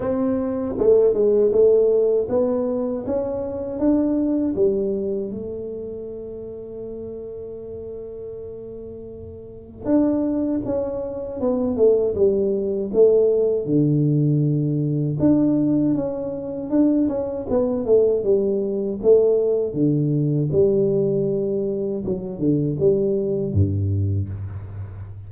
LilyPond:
\new Staff \with { instrumentName = "tuba" } { \time 4/4 \tempo 4 = 79 c'4 a8 gis8 a4 b4 | cis'4 d'4 g4 a4~ | a1~ | a4 d'4 cis'4 b8 a8 |
g4 a4 d2 | d'4 cis'4 d'8 cis'8 b8 a8 | g4 a4 d4 g4~ | g4 fis8 d8 g4 g,4 | }